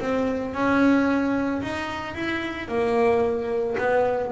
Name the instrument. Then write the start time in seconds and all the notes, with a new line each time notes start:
double bass
0.00 C4
0.54 C#4
1.62 D#4
2.15 E4
2.69 A#3
3.78 B3